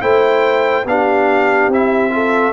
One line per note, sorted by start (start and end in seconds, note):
0.00 0.85 A3
0.00 0.85 E4
0.00 0.86 C5
0.00 0.86 G5
0.85 1.68 B3
0.85 1.73 D4
0.85 2.13 G4
0.85 1.73 F5
1.68 2.52 C4
1.68 2.10 E4
1.68 2.53 E5
2.10 2.52 F4
2.10 2.53 A4